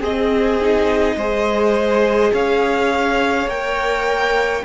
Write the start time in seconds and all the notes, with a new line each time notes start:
0.00 C4 G#4 D#5
0.62 D#4
1.16 G#3 G#4 C5
2.33 C#4 C#5 F5
3.47 A#3 A#4 G5